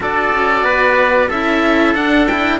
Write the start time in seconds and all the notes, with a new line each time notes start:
0.00 D4 F#4 A4 D5
0.33 C#4
0.63 B3 B4
1.28 C#4 E4 A4 E5
1.94 D4 F#5
2.27 E4 G5